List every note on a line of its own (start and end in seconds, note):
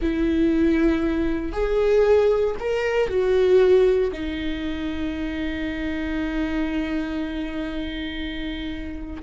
0.01 1.52 E4
1.52 2.55 G#4
2.59 3.08 A#4
3.08 4.11 F#4
4.12 9.22 D#4